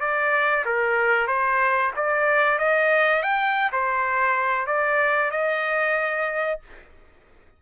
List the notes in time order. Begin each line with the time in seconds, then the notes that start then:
0.00 D5
0.65 A#4
1.27 C5
1.96 D5
2.59 D#5
3.23 G5
3.72 C5
4.67 D5
5.31 D#5